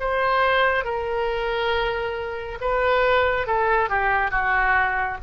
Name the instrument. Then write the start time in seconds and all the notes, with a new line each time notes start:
oboe
0.00 C5
0.85 A#4
2.61 B4
3.47 A4
3.89 G4
4.31 F#4